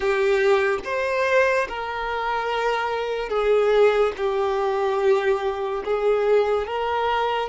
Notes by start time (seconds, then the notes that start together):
0.00 G4
0.84 C5
1.68 A#4
3.29 G#4
4.17 G4
5.84 G#4
6.66 A#4